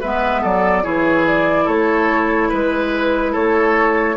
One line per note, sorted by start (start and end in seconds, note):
0.00 0.44 G#3
0.00 0.83 B3
0.00 0.41 B4
0.00 0.43 E5
0.41 0.85 F#3
0.41 0.83 A4
0.41 0.84 D5
0.83 1.67 E3
0.83 4.16 E4
0.83 1.65 G#4
0.83 1.26 C#5
1.27 1.68 D5
1.65 2.51 A3
1.65 2.48 A4
1.65 2.51 C#5
2.49 3.35 G#3
2.49 3.32 B4
2.49 3.34 B4
3.32 4.16 A3
3.32 4.15 A4
3.32 4.16 C#5